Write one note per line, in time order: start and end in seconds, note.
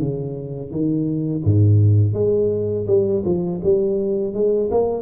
0.00 0.72 C#3
0.72 1.44 D#3
1.45 2.14 G#2
2.14 2.86 G#3
2.88 3.24 G3
3.26 3.62 F3
3.64 4.34 G3
4.34 4.71 G#3
4.71 5.03 A#3